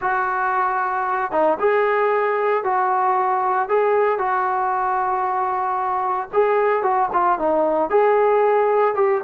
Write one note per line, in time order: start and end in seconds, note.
0.01 1.31 F#4
1.31 1.58 D#4
1.59 2.64 G#4
2.64 3.68 F#4
3.68 4.18 G#4
4.18 6.28 F#4
6.33 6.82 G#4
6.82 7.09 F#4
7.12 7.39 F4
7.39 7.89 D#4
7.89 8.94 G#4
8.94 9.21 G4